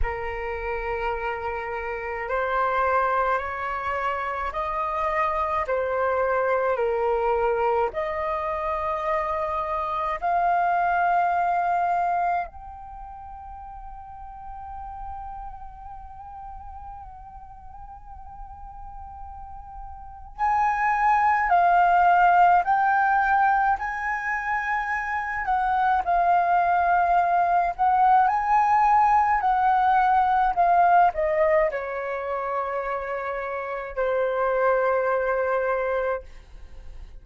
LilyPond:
\new Staff \with { instrumentName = "flute" } { \time 4/4 \tempo 4 = 53 ais'2 c''4 cis''4 | dis''4 c''4 ais'4 dis''4~ | dis''4 f''2 g''4~ | g''1~ |
g''2 gis''4 f''4 | g''4 gis''4. fis''8 f''4~ | f''8 fis''8 gis''4 fis''4 f''8 dis''8 | cis''2 c''2 | }